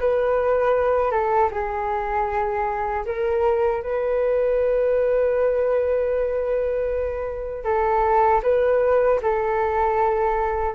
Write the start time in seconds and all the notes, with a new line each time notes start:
0.00 B4
1.12 A4
1.51 G#4
3.06 A#4
3.83 B4
7.65 A4
8.43 B4
9.22 A4